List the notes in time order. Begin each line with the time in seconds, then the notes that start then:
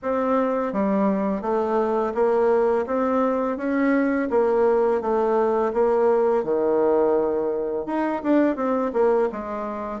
0.02 C4
0.72 G3
1.41 A3
2.14 A#3
2.86 C4
3.57 C#4
4.30 A#3
5.01 A3
5.73 A#3
6.43 D#3
7.86 D#4
8.23 D4
8.56 C4
8.93 A#3
9.31 G#3